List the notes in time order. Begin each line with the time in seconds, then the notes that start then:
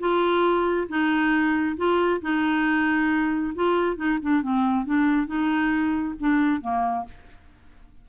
0.00 F4
0.89 D#4
1.77 F4
2.22 D#4
3.55 F4
3.97 D#4
4.23 D4
4.42 C4
4.86 D4
5.27 D#4
6.20 D4
6.62 A#3